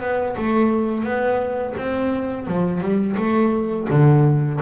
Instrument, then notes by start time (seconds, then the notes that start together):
double bass
0.00 B3
0.36 A3
1.04 B3
1.77 C4
2.47 F3
2.80 G3
3.17 A3
3.89 D3